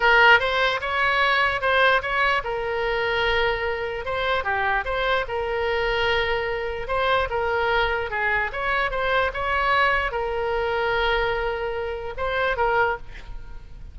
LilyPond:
\new Staff \with { instrumentName = "oboe" } { \time 4/4 \tempo 4 = 148 ais'4 c''4 cis''2 | c''4 cis''4 ais'2~ | ais'2 c''4 g'4 | c''4 ais'2.~ |
ais'4 c''4 ais'2 | gis'4 cis''4 c''4 cis''4~ | cis''4 ais'2.~ | ais'2 c''4 ais'4 | }